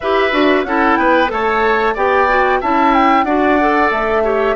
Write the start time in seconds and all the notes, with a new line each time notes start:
0.00 E4 G4 B4 E5
0.31 D4 F#4
0.64 C#4 E4 A4 F#5
0.96 B3 B4 G5
1.27 A3 A4 C#5 A5
1.94 B3 G4 D5 G5
2.28 F#4
2.61 C#4 E4 E5 A5
2.94 G5
3.24 D4 F#4 D5 F#5
3.60 A4
3.90 A3 E5
4.23 G4 C#5